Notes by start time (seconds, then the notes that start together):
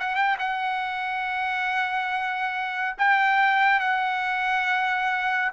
0.00 F#5
0.16 G5
0.39 F#5
2.98 G5
3.80 F#5